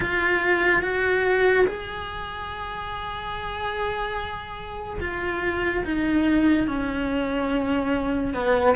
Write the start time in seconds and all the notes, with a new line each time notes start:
0.00 F4
0.82 F#4
1.66 G#4
5.00 F4
5.84 D#4
6.67 C#4
8.34 B3